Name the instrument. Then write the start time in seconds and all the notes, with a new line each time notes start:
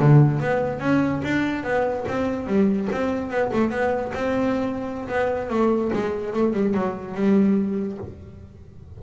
double bass
0.00 D3
0.41 B3
0.80 C#4
1.24 D4
1.64 B3
2.09 C4
2.47 G3
2.93 C4
3.30 B3
3.53 A3
3.71 B3
4.15 C4
5.09 B3
5.50 A3
5.94 G#3
6.34 A3
6.54 G3
6.75 F#3
7.15 G3